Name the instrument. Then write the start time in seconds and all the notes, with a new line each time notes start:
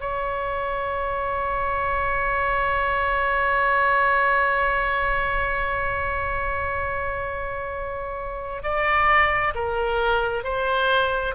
oboe
0.00 C#5
8.63 D5
9.55 A#4
10.44 C5